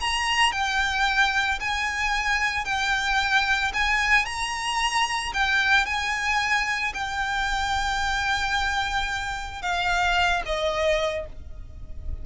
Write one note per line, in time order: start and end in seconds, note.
0.00 0.52 A#5
0.52 1.59 G5
1.59 2.65 G#5
2.65 3.72 G5
3.73 4.25 G#5
4.25 5.32 A#5
5.33 5.85 G5
5.85 6.93 G#5
6.94 9.62 G5
9.62 10.42 F5
10.45 11.26 D#5